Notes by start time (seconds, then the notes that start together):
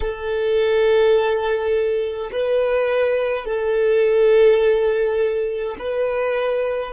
0.00 A4
2.32 B4
3.45 A4
5.78 B4